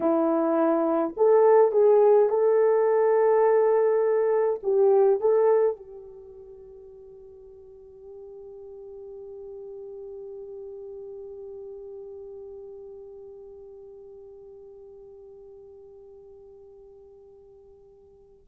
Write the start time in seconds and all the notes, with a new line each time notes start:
0.00 E4
1.16 A4
1.72 G#4
2.29 A4
4.62 G4
5.20 A4
5.76 G4